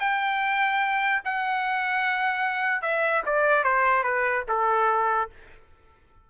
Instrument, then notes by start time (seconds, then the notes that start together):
trumpet
0.00 G5
1.25 F#5
2.82 E5
3.26 D5
3.64 C5
4.04 B4
4.48 A4